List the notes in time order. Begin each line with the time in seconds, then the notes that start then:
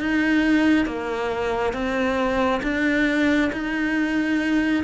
0.00 D#4
0.86 A#3
1.73 C4
2.63 D4
3.53 D#4